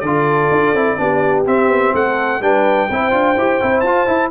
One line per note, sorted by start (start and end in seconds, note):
0.00 0.50 D3
0.00 0.75 F4
0.00 0.98 A4
0.00 1.43 D5
0.51 0.73 D4
0.73 0.97 C4
0.73 0.97 E4
0.97 1.46 B3
0.97 1.45 D4
0.97 1.96 G4
1.46 2.41 C4
1.46 1.68 C4
1.46 1.95 E5
1.68 1.92 B3
1.94 2.41 A3
1.94 2.41 A4
1.94 2.42 F#5
2.41 2.88 G3
2.41 2.89 D4
2.41 2.89 B4
2.41 3.80 G5
2.90 3.12 C4
2.90 3.11 E4
2.90 4.31 C5
3.11 3.36 D4
3.11 3.35 F4
3.37 3.60 E4
3.37 3.61 G4
3.61 3.82 C4
3.61 3.85 E4
3.80 4.06 F4
3.80 4.07 F4
3.80 4.28 A5
4.07 4.31 E4